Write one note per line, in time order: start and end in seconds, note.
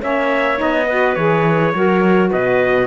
0.00 0.59 A#3
0.00 0.56 C#4
0.00 0.87 C#5
0.00 0.60 E5
0.56 1.16 B3
0.56 0.85 D#4
0.56 1.15 D#5
0.87 1.17 F#4
0.87 1.73 B4
1.15 1.73 E3
1.15 1.74 G#4
1.15 2.29 C#5
1.74 2.31 F#3
1.74 2.87 F#4
1.74 2.30 A#4
2.30 2.87 B2
2.30 2.87 B4
2.30 2.87 D#5